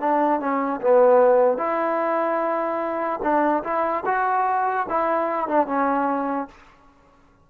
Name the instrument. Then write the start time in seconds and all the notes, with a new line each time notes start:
trombone
0.00 D4
0.40 C#4
0.81 B3
1.58 E4
3.22 D4
3.63 E4
4.05 F#4
4.89 E4
5.48 D4
5.67 C#4